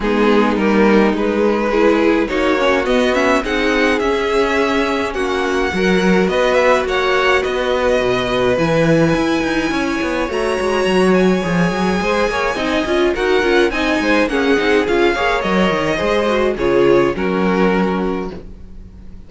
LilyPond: <<
  \new Staff \with { instrumentName = "violin" } { \time 4/4 \tempo 4 = 105 gis'4 ais'4 b'2 | cis''4 dis''8 e''8 fis''4 e''4~ | e''4 fis''2 dis''8 e''8 | fis''4 dis''2 gis''4~ |
gis''2 ais''4. gis''8~ | gis''2. fis''4 | gis''4 fis''4 f''4 dis''4~ | dis''4 cis''4 ais'2 | }
  \new Staff \with { instrumentName = "violin" } { \time 4/4 dis'2. gis'4 | fis'2 gis'2~ | gis'4 fis'4 ais'4 b'4 | cis''4 b'2.~ |
b'4 cis''2.~ | cis''4 c''8 cis''8 dis''4 ais'4 | dis''8 c''8 gis'4. cis''4. | c''4 gis'4 fis'2 | }
  \new Staff \with { instrumentName = "viola" } { \time 4/4 b4 ais4 gis4 e'4 | dis'8 cis'8 b8 cis'8 dis'4 cis'4~ | cis'2 fis'2~ | fis'2. e'4~ |
e'2 fis'2 | gis'2 dis'8 f'8 fis'8 f'8 | dis'4 cis'8 dis'8 f'8 gis'8 ais'4 | gis'8 fis'8 f'4 cis'2 | }
  \new Staff \with { instrumentName = "cello" } { \time 4/4 gis4 g4 gis2 | ais4 b4 c'4 cis'4~ | cis'4 ais4 fis4 b4 | ais4 b4 b,4 e4 |
e'8 dis'8 cis'8 b8 a8 gis8 fis4 | f8 fis8 gis8 ais8 c'8 cis'8 dis'8 cis'8 | c'8 gis8 ais8 c'8 cis'8 ais8 fis8 dis8 | gis4 cis4 fis2 | }
>>